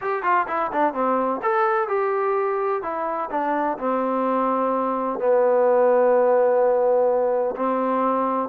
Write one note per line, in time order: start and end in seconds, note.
0.01 0.22 G4
0.22 0.46 F4
0.47 0.71 E4
0.72 0.93 D4
0.93 1.40 C4
1.42 1.88 A4
1.88 2.82 G4
2.82 3.29 E4
3.30 3.77 D4
3.78 5.19 C4
5.19 7.55 B3
7.55 8.49 C4